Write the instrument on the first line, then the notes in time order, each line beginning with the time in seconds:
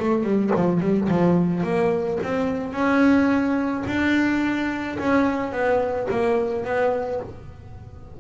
double bass
0.00 A3
0.24 G3
0.56 F3
0.81 G3
1.09 F3
1.64 A#3
2.23 C4
2.73 C#4
3.87 D4
4.99 C#4
5.53 B3
6.11 A#3
6.65 B3